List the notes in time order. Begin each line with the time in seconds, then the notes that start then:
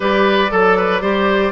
0.00 G3 G4 B4 D5
0.51 F#3 A4
0.77 B4
1.01 G3 G4 C5